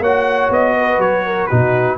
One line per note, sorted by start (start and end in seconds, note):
0.00 0.49 A#3
0.00 1.51 F#4
0.00 0.75 C#5
0.00 0.52 F#5
0.50 0.99 B3
0.50 1.01 D#5
0.77 1.26 B4
0.99 1.48 F#3
0.99 1.47 C#5
1.26 1.49 A#4
1.47 1.98 B2
1.47 1.98 D#4
1.47 1.98 F#4
1.47 1.96 B4